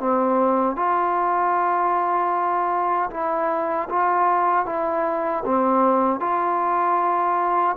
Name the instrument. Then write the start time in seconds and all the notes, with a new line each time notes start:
trombone
0.00 C4
0.77 F4
3.11 E4
3.90 F4
4.66 E4
5.45 C4
6.21 F4